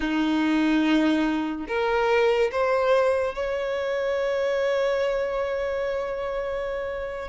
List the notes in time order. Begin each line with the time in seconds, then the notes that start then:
0.00 D#4
1.67 A#4
2.51 C5
3.34 C#5